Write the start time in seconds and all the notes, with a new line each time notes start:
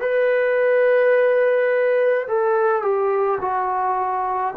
0.00 B4
2.27 A4
2.81 G4
3.41 F#4